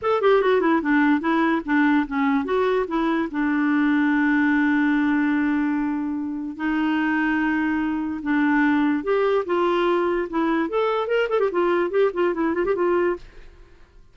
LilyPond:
\new Staff \with { instrumentName = "clarinet" } { \time 4/4 \tempo 4 = 146 a'8 g'8 fis'8 e'8 d'4 e'4 | d'4 cis'4 fis'4 e'4 | d'1~ | d'1 |
dis'1 | d'2 g'4 f'4~ | f'4 e'4 a'4 ais'8 a'16 g'16 | f'4 g'8 f'8 e'8 f'16 g'16 f'4 | }